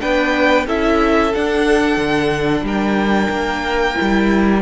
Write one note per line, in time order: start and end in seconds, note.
0.00 0.66 B3
0.00 0.66 D4
0.00 0.66 B4
0.00 0.66 G5
0.66 1.32 C#4
0.66 1.33 E4
0.66 2.64 A4
0.66 1.34 E5
1.33 3.94 D4
1.33 1.97 D4
1.33 2.66 F#5
1.97 2.62 D3
2.62 3.28 G3
2.62 4.62 A#4
2.62 4.62 G5
3.29 3.95 A#3
3.94 4.60 E4
4.01 4.62 G3